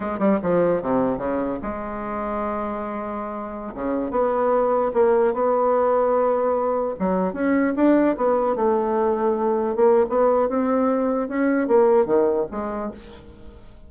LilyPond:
\new Staff \with { instrumentName = "bassoon" } { \time 4/4 \tempo 4 = 149 gis8 g8 f4 c4 cis4 | gis1~ | gis4~ gis16 cis4 b4.~ b16~ | b16 ais4 b2~ b8.~ |
b4~ b16 fis4 cis'4 d'8.~ | d'16 b4 a2~ a8.~ | a16 ais8. b4 c'2 | cis'4 ais4 dis4 gis4 | }